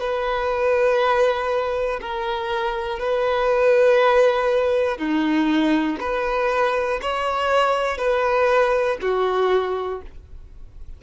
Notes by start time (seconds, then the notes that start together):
0.00 B4
2.00 A#4
2.99 B4
4.98 D#4
6.00 B4
7.01 C#5
7.97 B4
9.01 F#4